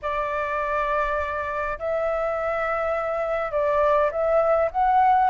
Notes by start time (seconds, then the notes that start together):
0.02 D5
1.79 E5
3.51 D5
4.11 E5
4.71 F#5